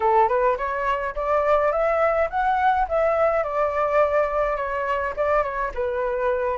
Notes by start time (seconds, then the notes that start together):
0.00 A4
0.28 B4
0.57 C#5
1.15 D5
1.71 E5
2.30 F#5
2.88 E5
3.43 D5
4.56 C#5
5.16 D5
5.42 C#5
5.74 B4